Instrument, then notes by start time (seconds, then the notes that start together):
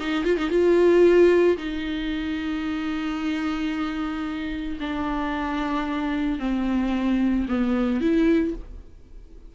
viola
0.00 D#4
0.25 F4
0.37 D#4
0.50 F4
1.58 D#4
4.80 D4
6.39 C4
7.49 B3
8.01 E4